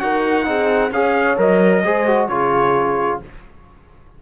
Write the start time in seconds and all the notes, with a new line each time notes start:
0.00 D#4 F#4 A#4 F#5
0.44 C4 D#4 G#4
0.91 C#4 G#4 C#5 F5
1.37 F#3 A#4 D#5
1.85 G#3 G#4 C5
2.07 F#4
2.28 C#3 F4 G#4 C#5